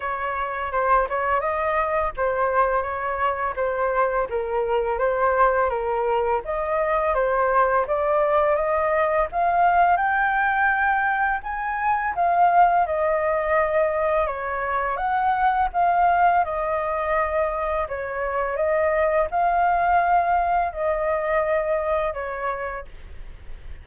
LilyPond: \new Staff \with { instrumentName = "flute" } { \time 4/4 \tempo 4 = 84 cis''4 c''8 cis''8 dis''4 c''4 | cis''4 c''4 ais'4 c''4 | ais'4 dis''4 c''4 d''4 | dis''4 f''4 g''2 |
gis''4 f''4 dis''2 | cis''4 fis''4 f''4 dis''4~ | dis''4 cis''4 dis''4 f''4~ | f''4 dis''2 cis''4 | }